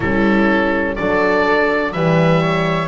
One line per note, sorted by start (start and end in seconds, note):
0.00 0.96 G3
0.00 0.98 C#4
0.00 0.94 E4
0.00 0.95 A4
0.95 1.94 F#3
0.95 1.94 D4
0.95 1.92 A4
0.95 1.92 D5
1.92 2.87 E3
1.92 2.87 G3
1.92 2.41 B4
1.92 2.87 E5
2.41 2.87 C#5